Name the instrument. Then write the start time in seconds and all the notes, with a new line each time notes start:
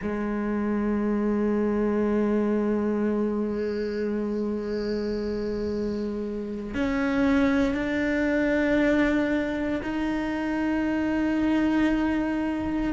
cello
0.01 G#3
6.74 C#4
7.74 D4
9.83 D#4